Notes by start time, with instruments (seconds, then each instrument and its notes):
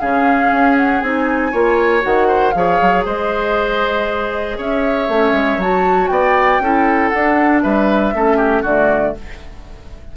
0.00 bassoon C#3, clarinet C#4, oboe G#4, flute F5
0.52 bassoon C#4
0.77 flute F#5
1.01 bassoon C4, clarinet D#4, flute G#5
1.52 bassoon A#3, clarinet F4, oboe C#5
2.01 bassoon D#3, clarinet F#4, flute F#5
2.28 oboe C5
2.51 bassoon F3, clarinet G#4, flute F5
2.57 oboe C#5
2.81 bassoon F#3
3.05 bassoon G#3, oboe C5, flute D#5
4.58 bassoon C#4, oboe C#5, flute E5
5.08 bassoon A3, clarinet C#4
5.33 bassoon G#3
5.57 bassoon F#3, clarinet F#4, flute A5
6.08 bassoon B3, oboe D5, flute G5
6.60 bassoon C#4, clarinet E4, oboe A4
7.09 clarinet D4, bassoon D4, flute F#5
7.63 bassoon G3, oboe B4, flute E5
8.14 bassoon A3, clarinet C#4, oboe A4
8.37 oboe G4
8.62 bassoon D3, clarinet A3, oboe F#4, flute D5